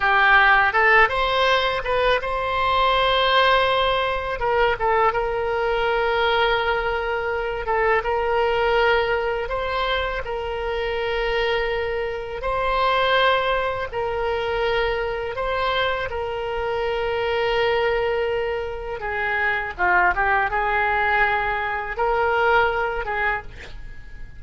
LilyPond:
\new Staff \with { instrumentName = "oboe" } { \time 4/4 \tempo 4 = 82 g'4 a'8 c''4 b'8 c''4~ | c''2 ais'8 a'8 ais'4~ | ais'2~ ais'8 a'8 ais'4~ | ais'4 c''4 ais'2~ |
ais'4 c''2 ais'4~ | ais'4 c''4 ais'2~ | ais'2 gis'4 f'8 g'8 | gis'2 ais'4. gis'8 | }